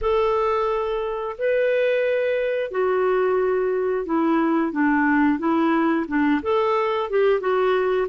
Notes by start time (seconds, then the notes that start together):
0.01 A4
1.38 B4
2.71 F#4
4.05 E4
4.72 D4
5.38 E4
6.07 D4
6.42 A4
7.09 G4
7.40 F#4